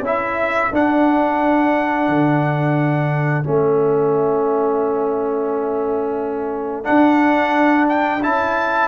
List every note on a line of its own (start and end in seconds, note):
0.00 0.68 C#4
0.00 0.73 E4
0.06 8.88 A4
0.06 0.74 E5
0.73 2.09 D4
0.73 3.44 D4
0.73 3.46 F#5
2.09 3.45 D3
3.44 6.88 A3
3.44 6.85 C#4
3.44 6.85 E5
6.85 8.21 D4
6.85 8.25 D4
6.85 7.87 F#5
7.89 8.23 G5
8.23 8.88 C#4
8.23 8.88 E4
8.23 8.88 A5